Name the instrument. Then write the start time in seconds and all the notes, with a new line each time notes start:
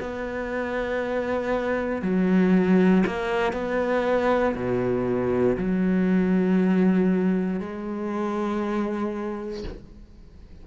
cello
0.00 B3
2.02 F#3
3.06 A#3
3.53 B3
4.55 B2
5.57 F#3
7.60 G#3